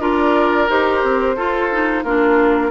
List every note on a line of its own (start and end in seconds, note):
0.00 0.68 D4
0.00 0.68 F4
0.00 1.36 A#4
0.00 0.69 D5
0.69 1.03 D#4
0.69 1.36 G4
0.69 2.04 C5
1.03 1.36 C4
1.36 2.03 F4
1.36 1.70 F4
1.36 2.04 A4
1.71 2.05 D#4
2.03 2.71 A#3
2.03 2.71 D4
2.03 2.71 F4
2.03 2.71 A#4